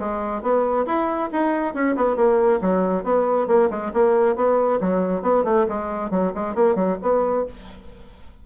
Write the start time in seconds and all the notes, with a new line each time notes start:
0.00 G#3
0.43 B3
0.86 E4
1.33 D#4
1.75 C#4
1.97 B3
2.17 A#3
2.62 F#3
3.04 B3
3.48 A#3
3.70 G#3
3.94 A#3
4.36 B3
4.81 F#3
5.23 B3
5.45 A3
5.69 G#3
6.11 F#3
6.35 G#3
6.55 A#3
6.76 F#3
7.03 B3